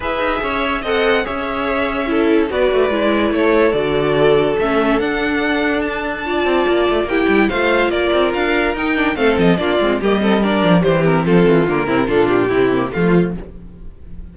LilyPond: <<
  \new Staff \with { instrumentName = "violin" } { \time 4/4 \tempo 4 = 144 e''2 fis''4 e''4~ | e''2 d''2 | cis''4 d''2 e''4 | fis''2 a''2~ |
a''4 g''4 f''4 d''4 | f''4 g''4 f''8 dis''8 d''4 | dis''4 d''4 c''8 ais'8 a'4 | ais'4 a'8 g'4. f'4 | }
  \new Staff \with { instrumentName = "violin" } { \time 4/4 b'4 cis''4 dis''4 cis''4~ | cis''4 a'4 b'2 | a'1~ | a'2. d''4~ |
d''4 g'4 c''4 ais'4~ | ais'2 a'4 f'4 | g'8 a'8 ais'4 g'4 f'4~ | f'8 e'8 f'4 e'4 f'4 | }
  \new Staff \with { instrumentName = "viola" } { \time 4/4 gis'2 a'4 gis'4~ | gis'4 e'4 fis'4 e'4~ | e'4 fis'2 cis'4 | d'2. f'4~ |
f'4 e'4 f'2~ | f'4 dis'8 d'8 c'4 d'8 c'8 | ais8 c'8 d'4 g8 c'4. | ais8 c'8 d'4 c'8 ais8 a4 | }
  \new Staff \with { instrumentName = "cello" } { \time 4/4 e'8 dis'8 cis'4 c'4 cis'4~ | cis'2 b8 a8 gis4 | a4 d2 a4 | d'2.~ d'8 c'8 |
ais8 a8 ais8 g8 a4 ais8 c'8 | d'4 dis'4 a8 f8 ais8 gis8 | g4. f8 e4 f8 e8 | d8 c8 ais,4 c4 f4 | }
>>